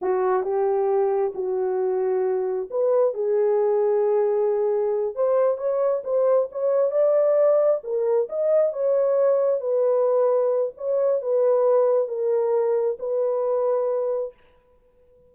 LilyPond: \new Staff \with { instrumentName = "horn" } { \time 4/4 \tempo 4 = 134 fis'4 g'2 fis'4~ | fis'2 b'4 gis'4~ | gis'2.~ gis'8 c''8~ | c''8 cis''4 c''4 cis''4 d''8~ |
d''4. ais'4 dis''4 cis''8~ | cis''4. b'2~ b'8 | cis''4 b'2 ais'4~ | ais'4 b'2. | }